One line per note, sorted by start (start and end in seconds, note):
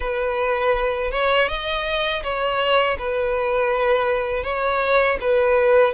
0.00 1.11 B4
1.11 1.48 C#5
1.48 2.22 D#5
2.23 2.97 C#5
2.98 4.43 B4
4.43 5.17 C#5
5.21 5.93 B4